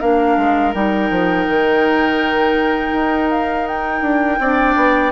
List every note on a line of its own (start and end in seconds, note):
0.00 0.37 A#3
0.00 0.74 D4
0.00 4.39 A#4
0.00 0.73 F5
0.37 0.74 G#3
0.74 1.10 G3
0.74 4.39 D#4
0.74 3.30 G5
1.10 1.47 F3
1.48 2.93 D#3
2.93 4.02 D#4
3.30 3.67 F5
3.67 5.12 G5
4.02 4.38 D4
4.38 4.75 C4
4.38 5.12 D4
4.38 5.12 D5
4.76 5.12 B3